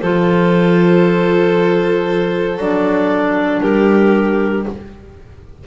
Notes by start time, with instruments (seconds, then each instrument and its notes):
0.00 double bass F3, clarinet F4 C5, violin A4
2.58 double bass F#3, clarinet D4 D5
3.60 double bass G3, violin G4, clarinet A#4